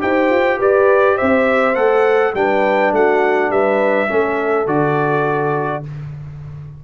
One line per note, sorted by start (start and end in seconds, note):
0.00 0.31 D#4
0.00 1.75 G4
0.00 0.58 C5
0.00 0.60 G5
0.31 0.60 F4
0.58 1.19 G4
0.58 1.16 B4
0.58 1.18 D5
1.16 1.76 C4
1.16 2.33 C5
1.16 1.76 E5
1.75 2.34 A3
1.75 2.33 A4
1.75 2.34 F#5
2.34 2.92 G3
2.34 4.09 D4
2.34 2.95 B4
2.34 2.94 G5
2.92 3.50 A3
2.92 3.51 F#4
2.92 3.52 F#5
3.50 4.08 G3
3.50 4.09 B4
3.50 4.68 E5
4.09 4.67 A3
4.09 4.67 C#4
4.09 5.85 A4
4.67 5.84 D3
4.67 5.83 F#4
4.67 5.84 D5